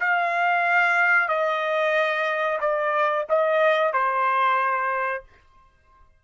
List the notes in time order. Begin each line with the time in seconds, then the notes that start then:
0.00 F5
1.29 D#5
2.61 D5
3.30 D#5
3.93 C5